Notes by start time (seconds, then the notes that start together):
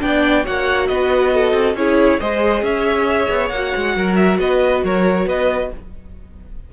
0.00 B3 D4 D5 G5
0.44 A#3 F#4 C#5 F#5
0.87 B3 B4 D#5
1.33 A4
1.53 C4
1.74 C#4 E4 G#4 C#5
2.19 G#3 G#4 C5 D#5
2.62 C#4 C#5 E5
3.29 B3
3.48 A#3 F#5
3.54 F#4
3.75 G#3
3.96 F#3 A#4
4.15 E5
4.38 B3 B4 D#5
4.84 F#3 A#4 C#5
5.26 B3 B4 D#5